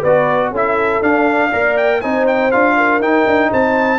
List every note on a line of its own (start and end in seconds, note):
0.00 0.51 B3
0.00 0.50 B4
0.00 0.53 D5
0.06 0.55 F#4
0.51 1.01 C#4
0.51 1.02 E4
0.51 1.50 A4
0.51 1.03 E5
1.02 1.52 D4
1.02 1.77 F5
1.51 2.03 A#3
1.51 2.01 A#4
1.51 2.00 D5
1.77 2.01 G5
2.01 2.53 C4
2.01 2.52 D#4
2.01 2.76 C5
2.01 2.26 G#5
2.27 2.51 G5
2.51 3.00 D4
2.51 3.01 F4
2.51 3.01 F5
2.77 3.50 A#4
3.00 3.25 D#4
3.00 3.99 D#4
3.00 3.51 G5
3.27 3.51 D4
3.50 3.99 C4
3.50 3.99 C5
3.50 3.99 A5